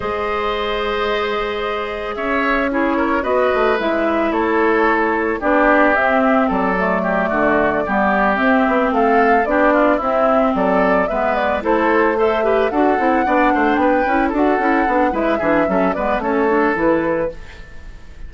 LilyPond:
<<
  \new Staff \with { instrumentName = "flute" } { \time 4/4 \tempo 4 = 111 dis''1 | e''4 cis''4 dis''4 e''4 | cis''2 d''4 e''4 | d''2.~ d''8 e''8~ |
e''8 f''4 d''4 e''4 d''8~ | d''8 e''8 d''8 c''4 e''4 fis''8~ | fis''4. g''4 fis''4. | e''4. d''8 cis''4 b'4 | }
  \new Staff \with { instrumentName = "oboe" } { \time 4/4 c''1 | cis''4 gis'8 ais'8 b'2 | a'2 g'2 | a'4 g'8 fis'4 g'4.~ |
g'8 a'4 g'8 f'8 e'4 a'8~ | a'8 b'4 a'4 c''8 b'8 a'8~ | a'8 d''8 c''8 b'4 a'4. | b'8 gis'8 a'8 b'8 a'2 | }
  \new Staff \with { instrumentName = "clarinet" } { \time 4/4 gis'1~ | gis'4 e'4 fis'4 e'4~ | e'2 d'4 c'4~ | c'8 a2 b4 c'8~ |
c'4. d'4 c'4.~ | c'8 b4 e'4 a'8 g'8 fis'8 | e'8 d'4. e'8 fis'8 e'8 d'8 | e'8 d'8 cis'8 b8 cis'8 d'8 e'4 | }
  \new Staff \with { instrumentName = "bassoon" } { \time 4/4 gis1 | cis'2 b8 a8 gis4 | a2 b4 c'4 | fis4. d4 g4 c'8 |
b8 a4 b4 c'4 fis8~ | fis8 gis4 a2 d'8 | c'8 b8 a8 b8 cis'8 d'8 cis'8 b8 | gis8 e8 fis8 gis8 a4 e4 | }
>>